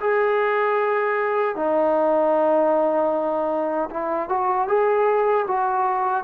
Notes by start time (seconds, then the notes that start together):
0.00 G#4
1.55 D#4
3.90 E4
4.29 F#4
4.68 G#4
5.47 F#4